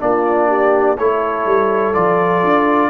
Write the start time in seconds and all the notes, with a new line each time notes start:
0.00 A#3 D4 F4 D5
0.49 G4
0.98 A3 E4 A4 C#5
1.46 G3
1.94 F3 F4 D5
2.44 D4